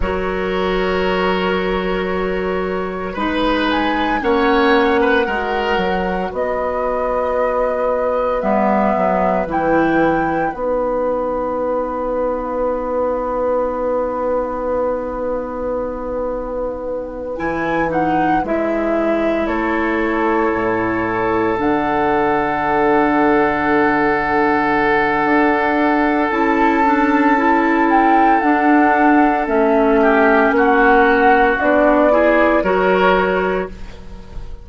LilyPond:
<<
  \new Staff \with { instrumentName = "flute" } { \time 4/4 \tempo 4 = 57 cis''2. b'8 gis''8 | fis''2 dis''2 | e''4 g''4 fis''2~ | fis''1~ |
fis''8 gis''8 fis''8 e''4 cis''4.~ | cis''8 fis''2.~ fis''8~ | fis''4 a''4. g''8 fis''4 | e''4 fis''4 d''4 cis''4 | }
  \new Staff \with { instrumentName = "oboe" } { \time 4/4 ais'2. b'4 | cis''8. b'16 ais'4 b'2~ | b'1~ | b'1~ |
b'2~ b'8 a'4.~ | a'1~ | a'1~ | a'8 g'8 fis'4. gis'8 ais'4 | }
  \new Staff \with { instrumentName = "clarinet" } { \time 4/4 fis'2. dis'4 | cis'4 fis'2. | b4 e'4 dis'2~ | dis'1~ |
dis'8 e'8 dis'8 e'2~ e'8~ | e'8 d'2.~ d'8~ | d'4 e'8 d'8 e'4 d'4 | cis'2 d'8 e'8 fis'4 | }
  \new Staff \with { instrumentName = "bassoon" } { \time 4/4 fis2. gis4 | ais4 gis8 fis8 b2 | g8 fis8 e4 b2~ | b1~ |
b8 e4 gis4 a4 a,8~ | a,8 d2.~ d8 | d'4 cis'2 d'4 | a4 ais4 b4 fis4 | }
>>